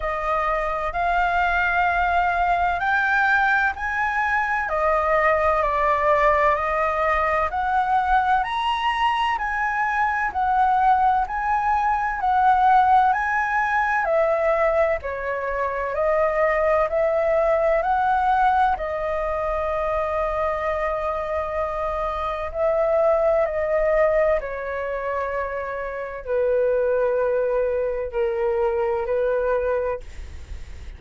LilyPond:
\new Staff \with { instrumentName = "flute" } { \time 4/4 \tempo 4 = 64 dis''4 f''2 g''4 | gis''4 dis''4 d''4 dis''4 | fis''4 ais''4 gis''4 fis''4 | gis''4 fis''4 gis''4 e''4 |
cis''4 dis''4 e''4 fis''4 | dis''1 | e''4 dis''4 cis''2 | b'2 ais'4 b'4 | }